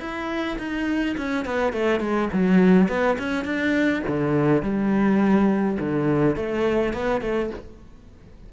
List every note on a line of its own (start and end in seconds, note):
0.00 0.58 E4
0.59 1.16 D#4
1.17 1.46 C#4
1.46 1.73 B3
1.73 2.00 A3
2.00 2.29 G#3
2.33 2.89 F#3
2.89 3.18 B3
3.18 3.45 C#4
3.45 4.03 D4
4.08 4.63 D3
4.63 5.78 G3
5.80 6.36 D3
6.36 6.93 A3
6.93 7.21 B3
7.21 7.50 A3